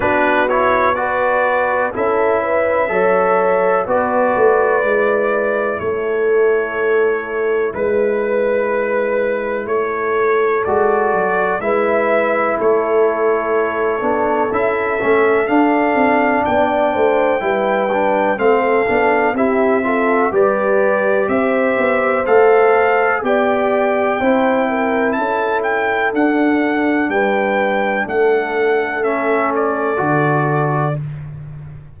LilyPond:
<<
  \new Staff \with { instrumentName = "trumpet" } { \time 4/4 \tempo 4 = 62 b'8 cis''8 d''4 e''2 | d''2 cis''2 | b'2 cis''4 d''4 | e''4 cis''2 e''4 |
f''4 g''2 f''4 | e''4 d''4 e''4 f''4 | g''2 a''8 g''8 fis''4 | g''4 fis''4 e''8 d''4. | }
  \new Staff \with { instrumentName = "horn" } { \time 4/4 fis'4 b'4 a'8 b'8 cis''4 | b'2 a'2 | b'2 a'2 | b'4 a'2.~ |
a'4 d''8 c''8 b'4 a'4 | g'8 a'8 b'4 c''2 | d''4 c''8 ais'8 a'2 | b'4 a'2. | }
  \new Staff \with { instrumentName = "trombone" } { \time 4/4 d'8 e'8 fis'4 e'4 a'4 | fis'4 e'2.~ | e'2. fis'4 | e'2~ e'8 d'8 e'8 cis'8 |
d'2 e'8 d'8 c'8 d'8 | e'8 f'8 g'2 a'4 | g'4 e'2 d'4~ | d'2 cis'4 fis'4 | }
  \new Staff \with { instrumentName = "tuba" } { \time 4/4 b2 cis'4 fis4 | b8 a8 gis4 a2 | gis2 a4 gis8 fis8 | gis4 a4. b8 cis'8 a8 |
d'8 c'8 b8 a8 g4 a8 b8 | c'4 g4 c'8 b8 a4 | b4 c'4 cis'4 d'4 | g4 a2 d4 | }
>>